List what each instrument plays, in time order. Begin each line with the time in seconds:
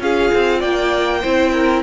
0.00 cello C#4, viola F4, violin G#4 F5
0.34 cello C4
0.59 cello A#3, violin D5 G5
1.21 cello C4, viola E4, violin C5
1.53 violin A#4